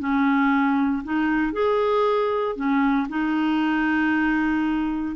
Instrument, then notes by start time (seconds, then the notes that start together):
clarinet
0.00 C#4
1.04 D#4
1.53 G#4
2.56 C#4
3.09 D#4